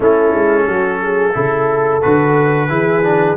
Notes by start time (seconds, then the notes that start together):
0.00 A3 C#4 E4 A4
0.34 G#3
0.67 F#3 F#4
1.02 G#4
1.33 C#3 E4 A4
2.01 D3 F#4 B4
2.68 E3 E4 G#4
3.03 D4